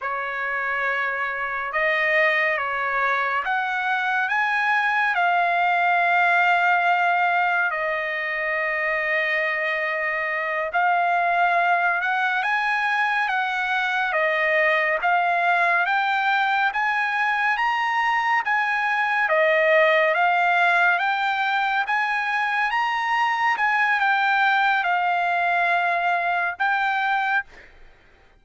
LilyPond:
\new Staff \with { instrumentName = "trumpet" } { \time 4/4 \tempo 4 = 70 cis''2 dis''4 cis''4 | fis''4 gis''4 f''2~ | f''4 dis''2.~ | dis''8 f''4. fis''8 gis''4 fis''8~ |
fis''8 dis''4 f''4 g''4 gis''8~ | gis''8 ais''4 gis''4 dis''4 f''8~ | f''8 g''4 gis''4 ais''4 gis''8 | g''4 f''2 g''4 | }